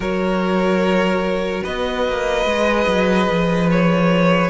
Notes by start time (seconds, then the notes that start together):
0.00 F#3 F#4 A#4 C#5
1.63 B3 B4 D#5
2.08 A#3
2.45 G#3 G#4
2.87 F#3
3.29 F3
3.71 C#5